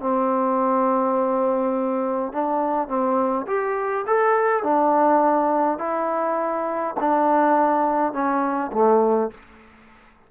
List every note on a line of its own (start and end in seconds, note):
0.00 2.32 C4
2.32 2.88 D4
2.88 3.46 C4
3.47 4.05 G4
4.07 4.63 A4
4.63 5.78 D4
5.78 6.95 E4
7.00 8.13 D4
8.13 8.71 C#4
8.72 9.31 A3